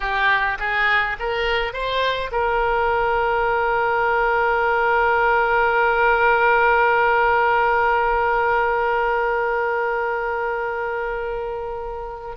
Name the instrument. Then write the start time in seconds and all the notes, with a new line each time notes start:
oboe
0.00 G4
0.59 G#4
1.19 A#4
1.73 C5
2.31 A#4